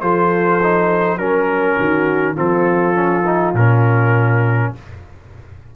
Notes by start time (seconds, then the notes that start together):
0.00 F3 F4 A4 C5
0.62 D#4
1.17 F#3 C#4 A#4
1.78 D#3 F#4
2.35 F3 C4 F4 A4
2.94 C#4
3.25 D#4
3.53 A#2 C#4 A#4